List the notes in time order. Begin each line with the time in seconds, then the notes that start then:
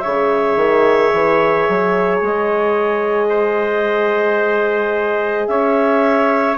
0.00 C#3 G#4 C#5 E5
0.56 D#3
1.13 E3
1.69 F#3
2.22 G#3 D#5
3.30 C5
5.47 C#4 C#5 E5